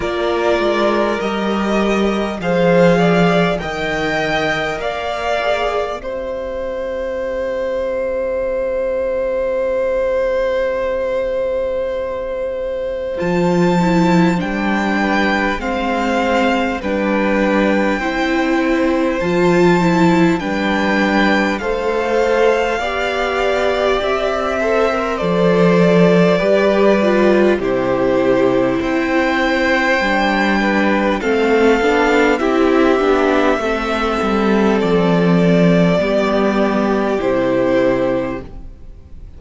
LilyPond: <<
  \new Staff \with { instrumentName = "violin" } { \time 4/4 \tempo 4 = 50 d''4 dis''4 f''4 g''4 | f''4 e''2.~ | e''2. a''4 | g''4 f''4 g''2 |
a''4 g''4 f''2 | e''4 d''2 c''4 | g''2 f''4 e''4~ | e''4 d''2 c''4 | }
  \new Staff \with { instrumentName = "violin" } { \time 4/4 ais'2 c''8 d''8 dis''4 | d''4 c''2.~ | c''1~ | c''8 b'8 c''4 b'4 c''4~ |
c''4 b'4 c''4 d''4~ | d''8 c''4. b'4 g'4 | c''4. b'8 a'4 g'4 | a'2 g'2 | }
  \new Staff \with { instrumentName = "viola" } { \time 4/4 f'4 g'4 gis'4 ais'4~ | ais'8 gis'8 g'2.~ | g'2. f'8 e'8 | d'4 c'4 d'4 e'4 |
f'8 e'8 d'4 a'4 g'4~ | g'8 a'16 ais'16 a'4 g'8 f'8 e'4~ | e'4 d'4 c'8 d'8 e'8 d'8 | c'2 b4 e'4 | }
  \new Staff \with { instrumentName = "cello" } { \time 4/4 ais8 gis8 g4 f4 dis4 | ais4 c'2.~ | c'2. f4 | g4 gis4 g4 c'4 |
f4 g4 a4 b4 | c'4 f4 g4 c4 | c'4 g4 a8 b8 c'8 b8 | a8 g8 f4 g4 c4 | }
>>